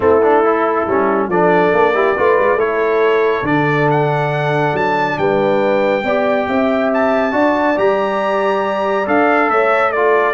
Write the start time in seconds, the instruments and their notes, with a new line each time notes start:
0.00 tuba A3, trombone C4, horn E4, trumpet A4
0.22 trombone D4
0.44 trombone E4
0.86 tuba G3, trombone C#4
1.28 tuba F3, trombone D4, horn A4, trumpet D5
1.72 tuba A#3
1.94 trombone E4, horn G4
2.15 tuba A3, trombone F4, horn B4
2.39 tuba G#3
2.54 tuba A3, trombone E4, horn A4, trumpet C#5
3.42 tuba D3, trombone D4, trumpet D5
3.90 trumpet F#5
4.72 tuba F#3, trumpet A5
5.18 tuba G3, horn B4, trumpet G5
6.03 tuba B3, trombone G4, horn D5
6.48 tuba C4, horn E5
6.93 trumpet A5
7.31 tuba D4, trombone F#4, horn D5
7.76 tuba G3, trombone G4, trumpet A#5
9.06 tuba D4, trombone A4, trumpet F5
9.49 tuba A3, horn C#5, trumpet E5
9.92 trombone F4, horn A4, trumpet D5